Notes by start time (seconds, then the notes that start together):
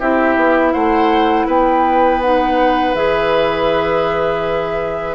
0.00 C4 E4 G4 E5
0.36 B3
0.73 A3 C5 F#5
1.47 B3 B4 G5
2.22 D#4 F#5
2.95 E3 G#4 E5